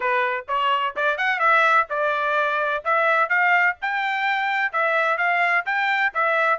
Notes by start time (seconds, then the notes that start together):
0.00 B4
0.47 C#5
0.96 D5
1.17 F#5
1.39 E5
1.89 D5
2.84 E5
3.29 F5
3.81 G5
4.72 E5
5.17 F5
5.65 G5
6.14 E5